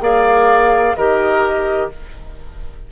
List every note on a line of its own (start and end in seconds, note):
0.00 0.94 A#3
0.00 0.94 G#4
0.00 0.96 D5
0.00 0.96 F5
0.96 1.91 D#3
0.96 1.91 G4
0.96 1.90 A#4
0.96 1.89 D#5